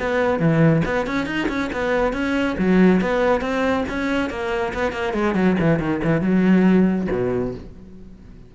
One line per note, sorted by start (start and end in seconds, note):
0.00 0.40 B3
0.40 0.83 E3
0.86 1.07 B3
1.07 1.27 C#4
1.27 1.48 D#4
1.49 1.71 C#4
1.73 2.14 B3
2.14 2.57 C#4
2.59 3.02 F#3
3.02 3.42 B3
3.42 3.85 C4
3.89 4.30 C#4
4.30 4.73 A#3
4.74 4.93 B3
4.93 5.14 A#3
5.14 5.35 G#3
5.35 5.57 F#3
5.60 5.80 E3
5.80 6.01 D#3
6.04 6.22 E3
6.22 7.08 F#3
7.12 7.55 B2